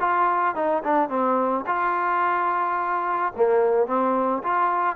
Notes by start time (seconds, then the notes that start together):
0.00 F4
0.55 D#4
0.84 D4
1.10 C4
1.66 F4
3.36 A#3
3.87 C4
4.43 F4